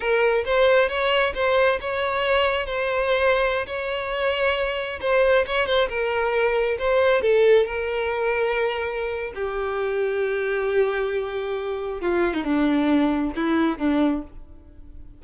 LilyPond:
\new Staff \with { instrumentName = "violin" } { \time 4/4 \tempo 4 = 135 ais'4 c''4 cis''4 c''4 | cis''2 c''2~ | c''16 cis''2. c''8.~ | c''16 cis''8 c''8 ais'2 c''8.~ |
c''16 a'4 ais'2~ ais'8.~ | ais'4 g'2.~ | g'2. f'8. dis'16 | d'2 e'4 d'4 | }